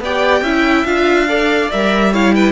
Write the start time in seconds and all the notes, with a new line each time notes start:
0.00 B3 G4 D5 G5
0.42 C#4 E4 E5
0.85 D4 F4 F5
1.28 A4 D5
1.71 G3 A#4 E5
2.12 E4 C#5 F5
2.34 B4 G5